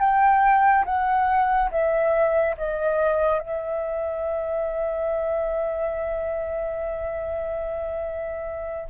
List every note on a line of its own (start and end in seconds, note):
0.00 0.85 G5
0.86 1.70 F#5
1.71 2.56 E5
2.58 3.40 D#5
3.40 8.89 E5